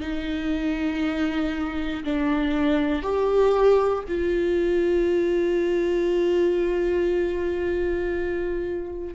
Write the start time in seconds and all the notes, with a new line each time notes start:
0.00 D#4
2.04 D4
3.02 G4
4.08 F4